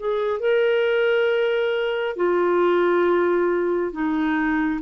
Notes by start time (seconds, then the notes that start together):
0.00 G#4
0.40 A#4
2.17 F4
3.93 D#4